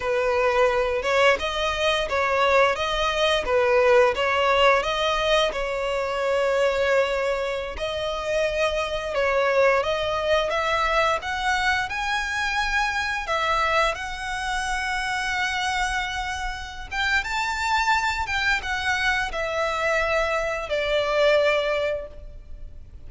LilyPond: \new Staff \with { instrumentName = "violin" } { \time 4/4 \tempo 4 = 87 b'4. cis''8 dis''4 cis''4 | dis''4 b'4 cis''4 dis''4 | cis''2.~ cis''16 dis''8.~ | dis''4~ dis''16 cis''4 dis''4 e''8.~ |
e''16 fis''4 gis''2 e''8.~ | e''16 fis''2.~ fis''8.~ | fis''8 g''8 a''4. g''8 fis''4 | e''2 d''2 | }